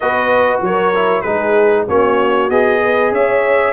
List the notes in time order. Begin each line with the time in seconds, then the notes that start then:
0.00 B3 F#4 B4 D#5
0.61 F#3 A#4 C#5
0.94 E4
1.21 G#3 D#4 G#4 B4
1.87 A#3 C#4 F#4 C#5
2.49 B3 G#4 D#5
2.82 B4
3.11 C#4 C#5 E5